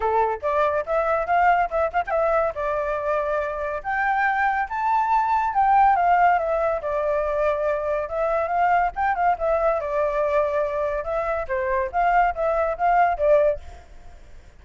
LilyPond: \new Staff \with { instrumentName = "flute" } { \time 4/4 \tempo 4 = 141 a'4 d''4 e''4 f''4 | e''8 f''16 g''16 e''4 d''2~ | d''4 g''2 a''4~ | a''4 g''4 f''4 e''4 |
d''2. e''4 | f''4 g''8 f''8 e''4 d''4~ | d''2 e''4 c''4 | f''4 e''4 f''4 d''4 | }